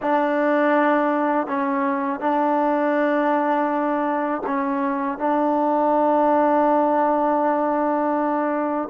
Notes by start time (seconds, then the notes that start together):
0.02 D4
1.47 C#4
2.20 D4
4.46 C#4
5.18 D4